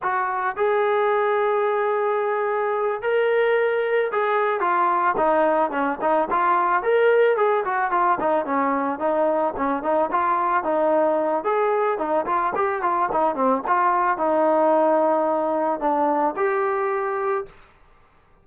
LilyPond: \new Staff \with { instrumentName = "trombone" } { \time 4/4 \tempo 4 = 110 fis'4 gis'2.~ | gis'4. ais'2 gis'8~ | gis'8 f'4 dis'4 cis'8 dis'8 f'8~ | f'8 ais'4 gis'8 fis'8 f'8 dis'8 cis'8~ |
cis'8 dis'4 cis'8 dis'8 f'4 dis'8~ | dis'4 gis'4 dis'8 f'8 g'8 f'8 | dis'8 c'8 f'4 dis'2~ | dis'4 d'4 g'2 | }